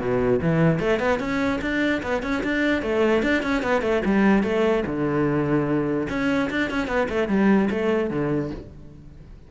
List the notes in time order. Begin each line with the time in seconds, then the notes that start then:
0.00 B2
0.42 E3
0.79 A3
1.00 B3
1.19 C#4
1.61 D4
2.03 B3
2.23 C#4
2.44 D4
2.82 A3
3.22 D4
3.43 C#4
3.63 B3
3.82 A3
4.05 G3
4.43 A3
4.86 D3
6.09 C#4
6.50 D4
6.70 C#4
6.88 B3
7.09 A3
7.28 G3
7.70 A3
8.10 D3